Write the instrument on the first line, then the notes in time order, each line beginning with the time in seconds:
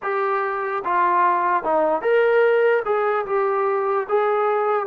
trombone
0.02 G4
0.84 F4
1.63 D#4
2.01 A#4
2.85 G#4
3.26 G4
4.08 G#4